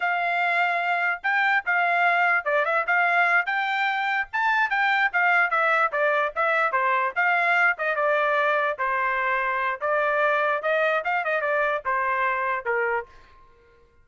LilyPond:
\new Staff \with { instrumentName = "trumpet" } { \time 4/4 \tempo 4 = 147 f''2. g''4 | f''2 d''8 e''8 f''4~ | f''8 g''2 a''4 g''8~ | g''8 f''4 e''4 d''4 e''8~ |
e''8 c''4 f''4. dis''8 d''8~ | d''4. c''2~ c''8 | d''2 dis''4 f''8 dis''8 | d''4 c''2 ais'4 | }